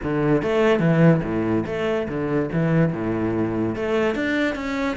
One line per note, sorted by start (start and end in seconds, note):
0.03 0.42 D3
0.42 0.79 A3
0.79 1.21 E3
1.23 1.64 A2
1.66 2.07 A3
2.08 2.49 D3
2.52 2.92 E3
2.92 3.75 A2
3.75 4.15 A3
4.15 4.55 D4
4.55 4.96 C#4